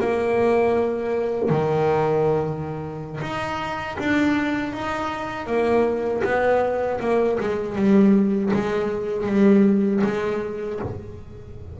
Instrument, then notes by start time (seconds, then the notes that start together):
double bass
0.00 A#3
1.49 D#3
3.21 D#4
3.99 D4
4.73 D#4
5.47 A#3
6.24 B3
7.00 A#3
7.40 G#3
7.76 G3
8.54 G#3
9.26 G3
10.04 G#3